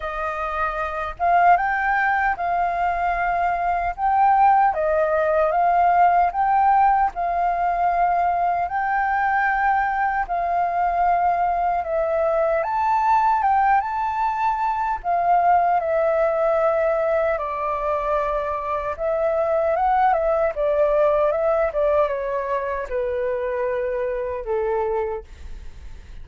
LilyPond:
\new Staff \with { instrumentName = "flute" } { \time 4/4 \tempo 4 = 76 dis''4. f''8 g''4 f''4~ | f''4 g''4 dis''4 f''4 | g''4 f''2 g''4~ | g''4 f''2 e''4 |
a''4 g''8 a''4. f''4 | e''2 d''2 | e''4 fis''8 e''8 d''4 e''8 d''8 | cis''4 b'2 a'4 | }